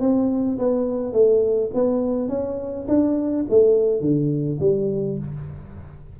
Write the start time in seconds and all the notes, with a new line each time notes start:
0.00 C4
0.58 B3
1.13 A3
1.74 B3
2.29 C#4
2.88 D4
3.49 A3
4.00 D3
4.60 G3